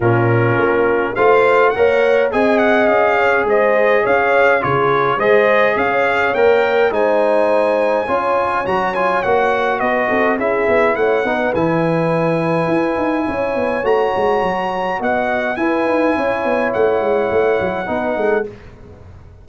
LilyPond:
<<
  \new Staff \with { instrumentName = "trumpet" } { \time 4/4 \tempo 4 = 104 ais'2 f''4 fis''4 | gis''8 fis''8 f''4 dis''4 f''4 | cis''4 dis''4 f''4 g''4 | gis''2. ais''8 gis''8 |
fis''4 dis''4 e''4 fis''4 | gis''1 | ais''2 fis''4 gis''4~ | gis''4 fis''2. | }
  \new Staff \with { instrumentName = "horn" } { \time 4/4 f'2 c''4 cis''4 | dis''4. cis''8 c''4 cis''4 | gis'4 c''4 cis''2 | c''2 cis''2~ |
cis''4 b'8 a'8 gis'4 cis''8 b'8~ | b'2. cis''4~ | cis''2 dis''4 b'4 | cis''2. b'8 a'8 | }
  \new Staff \with { instrumentName = "trombone" } { \time 4/4 cis'2 f'4 ais'4 | gis'1 | f'4 gis'2 ais'4 | dis'2 f'4 fis'8 f'8 |
fis'2 e'4. dis'8 | e'1 | fis'2. e'4~ | e'2. dis'4 | }
  \new Staff \with { instrumentName = "tuba" } { \time 4/4 ais,4 ais4 a4 ais4 | c'4 cis'4 gis4 cis'4 | cis4 gis4 cis'4 ais4 | gis2 cis'4 fis4 |
ais4 b8 c'8 cis'8 b8 a8 b8 | e2 e'8 dis'8 cis'8 b8 | a8 gis8 fis4 b4 e'8 dis'8 | cis'8 b8 a8 gis8 a8 fis8 b8 gis8 | }
>>